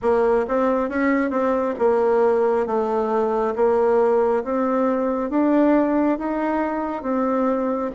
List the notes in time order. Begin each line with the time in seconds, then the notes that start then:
0.02 A#3
0.47 C4
0.89 C#4
1.30 C4
1.78 A#3
2.66 A3
3.55 A#3
4.44 C4
5.29 D4
6.18 D#4
7.02 C4